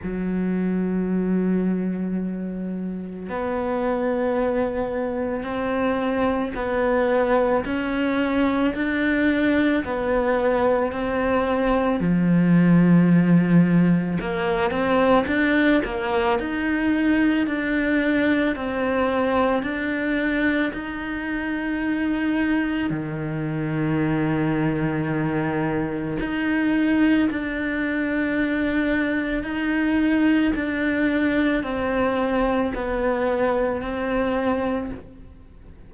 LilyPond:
\new Staff \with { instrumentName = "cello" } { \time 4/4 \tempo 4 = 55 fis2. b4~ | b4 c'4 b4 cis'4 | d'4 b4 c'4 f4~ | f4 ais8 c'8 d'8 ais8 dis'4 |
d'4 c'4 d'4 dis'4~ | dis'4 dis2. | dis'4 d'2 dis'4 | d'4 c'4 b4 c'4 | }